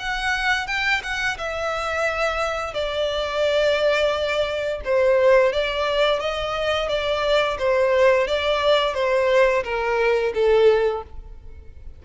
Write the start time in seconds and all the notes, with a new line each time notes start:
0.00 F#5
0.67 G5
1.03 F#5
1.39 E5
2.74 D5
4.85 C5
5.53 D5
6.20 D#5
6.89 D5
7.59 C5
8.28 D5
8.95 C5
9.65 A#4
10.34 A4